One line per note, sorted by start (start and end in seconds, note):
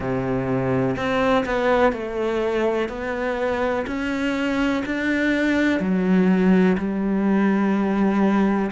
0.00 0.96 C3
0.96 1.44 C4
1.45 1.92 B3
1.92 2.88 A3
2.88 3.85 B3
3.87 4.83 C#4
4.85 5.80 D4
5.80 6.77 F#3
6.77 8.71 G3